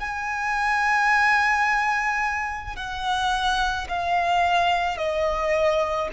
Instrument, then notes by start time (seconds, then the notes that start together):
violin
0.00 G#5
2.77 F#5
3.89 F5
4.97 D#5